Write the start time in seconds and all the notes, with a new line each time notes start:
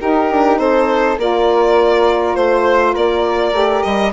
0.00 D#4 G4 A#4
0.30 D4
0.58 C4 A4 C5
1.17 A#3 F4 A#4 D5
2.35 A3 C5
2.94 A#3 A#4 D5
3.52 A3 G4
3.82 G3 D#5